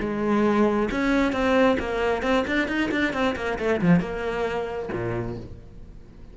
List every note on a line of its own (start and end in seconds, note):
0.00 0.89 G#3
0.91 1.32 C#4
1.32 1.77 C4
1.79 2.22 A#3
2.22 2.44 C4
2.47 2.68 D4
2.68 2.90 D#4
2.91 3.13 D4
3.13 3.35 C4
3.36 3.58 A#3
3.59 3.81 A3
3.81 4.00 F3
4.00 4.89 A#3
4.92 5.37 A#2